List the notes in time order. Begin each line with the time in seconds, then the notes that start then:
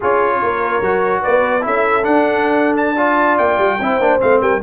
0.00 C#4 F4 G#4 C#5
0.42 A#3 A#4
0.80 F#3 F#4
1.21 B3 B4 D5
1.61 C#4 E4 A4 E5
2.03 D4 F#5
2.76 A5
2.95 F4 D5
3.38 A#3 G5
3.58 G3
3.79 C4 E4 C5
3.99 A#3 D4
4.19 A3 C4 F5
4.41 G3 A#4 G5